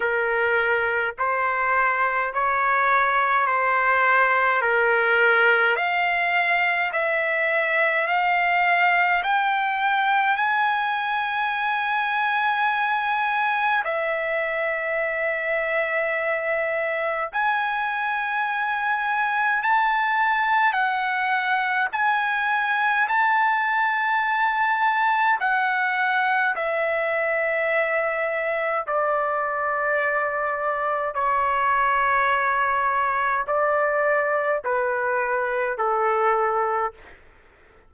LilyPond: \new Staff \with { instrumentName = "trumpet" } { \time 4/4 \tempo 4 = 52 ais'4 c''4 cis''4 c''4 | ais'4 f''4 e''4 f''4 | g''4 gis''2. | e''2. gis''4~ |
gis''4 a''4 fis''4 gis''4 | a''2 fis''4 e''4~ | e''4 d''2 cis''4~ | cis''4 d''4 b'4 a'4 | }